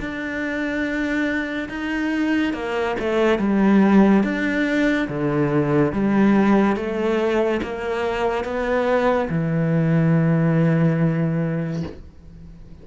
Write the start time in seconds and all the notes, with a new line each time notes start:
0.00 D4
1.69 D#4
2.54 A#3
3.00 A3
3.39 G3
4.23 D4
5.08 D3
5.93 G3
6.76 A3
7.63 A#3
8.44 B3
9.30 E3